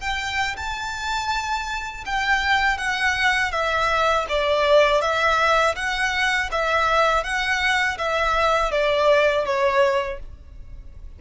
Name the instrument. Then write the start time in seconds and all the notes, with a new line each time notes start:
violin
0.00 G5
0.56 A5
2.05 G5
2.77 F#5
3.52 E5
4.29 D5
5.01 E5
5.75 F#5
6.51 E5
7.23 F#5
7.98 E5
8.71 D5
9.45 C#5